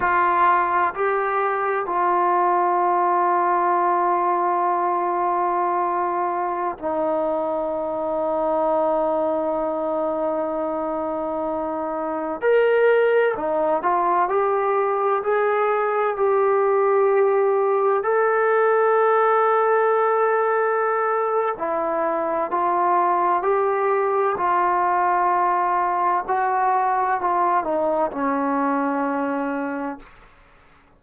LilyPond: \new Staff \with { instrumentName = "trombone" } { \time 4/4 \tempo 4 = 64 f'4 g'4 f'2~ | f'2.~ f'16 dis'8.~ | dis'1~ | dis'4~ dis'16 ais'4 dis'8 f'8 g'8.~ |
g'16 gis'4 g'2 a'8.~ | a'2. e'4 | f'4 g'4 f'2 | fis'4 f'8 dis'8 cis'2 | }